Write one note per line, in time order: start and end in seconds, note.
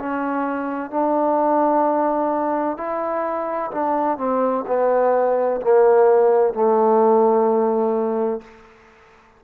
0.00 0.91 C#4
0.91 2.78 D4
2.78 3.72 E4
3.72 4.18 D4
4.18 4.65 C4
4.67 5.61 B3
5.62 6.54 A#3
6.54 8.42 A3